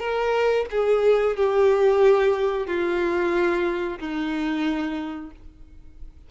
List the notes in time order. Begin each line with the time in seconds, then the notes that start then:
0.00 A#4
0.71 G#4
1.36 G4
2.67 F4
3.99 D#4